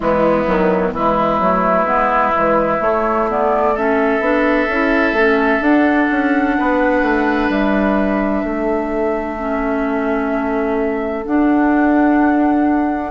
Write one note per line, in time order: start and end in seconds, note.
0.00 0.47 E3
0.00 0.45 G#3
0.00 0.94 B3
0.00 0.92 E4
0.46 0.92 D#3
0.46 0.92 F#3
0.92 1.39 E3
0.92 1.42 G#3
0.92 3.74 E4
0.92 2.81 B4
1.39 1.84 F#3
1.39 1.86 A3
1.84 2.31 G#3
1.84 2.33 B3
2.35 2.80 E3
2.35 2.79 G#3
2.79 3.25 A3
2.79 4.20 A3
2.79 3.28 C#5
3.29 3.75 B3
3.29 3.76 D5
3.74 4.21 C#4
3.74 6.55 A4
3.74 5.63 E5
4.20 4.66 B3
4.20 4.68 D4
4.68 5.12 C#4
4.68 5.16 E4
5.12 5.59 A3
5.12 5.62 C#4
5.60 6.07 D4
5.60 9.37 D4
5.60 7.50 F#5
6.10 6.57 C#4
6.58 7.02 B3
6.58 8.45 B4
7.02 7.48 A3
7.49 8.42 G3
7.49 11.25 E5
8.44 11.25 A3
8.44 13.10 A4
9.38 11.25 C#4
11.25 13.10 D4
11.25 13.10 F#5